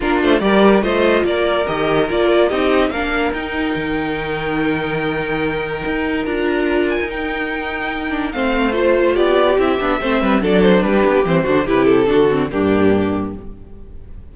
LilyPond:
<<
  \new Staff \with { instrumentName = "violin" } { \time 4/4 \tempo 4 = 144 ais'8 c''8 d''4 dis''4 d''4 | dis''4 d''4 dis''4 f''4 | g''1~ | g''2. ais''4~ |
ais''8 gis''8 g''2. | f''4 c''4 d''4 e''4~ | e''4 d''8 c''8 b'4 c''4 | b'8 a'4. g'2 | }
  \new Staff \with { instrumentName = "violin" } { \time 4/4 f'4 ais'4 c''4 ais'4~ | ais'2 g'4 ais'4~ | ais'1~ | ais'1~ |
ais'1 | c''2 g'2 | c''8 b'8 a'4 g'4. fis'8 | g'4 fis'4 d'2 | }
  \new Staff \with { instrumentName = "viola" } { \time 4/4 d'4 g'4 f'2 | g'4 f'4 dis'4 d'4 | dis'1~ | dis'2. f'4~ |
f'4 dis'2~ dis'8 d'8 | c'4 f'2 e'8 d'8 | c'4 d'2 c'8 d'8 | e'4 d'8 c'8 ais2 | }
  \new Staff \with { instrumentName = "cello" } { \time 4/4 ais8 a8 g4 a4 ais4 | dis4 ais4 c'4 ais4 | dis'4 dis2.~ | dis2 dis'4 d'4~ |
d'8. dis'2.~ dis'16 | a2 b4 c'8 b8 | a8 g8 fis4 g8 b8 e8 d8 | c4 d4 g,2 | }
>>